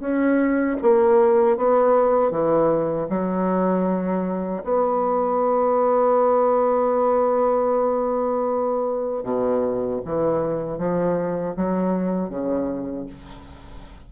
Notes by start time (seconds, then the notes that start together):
0.00 C#4
0.82 A#3
1.58 B3
2.31 E3
3.10 F#3
4.64 B3
9.24 B2
10.06 E3
10.79 F3
11.57 F#3
12.30 C#3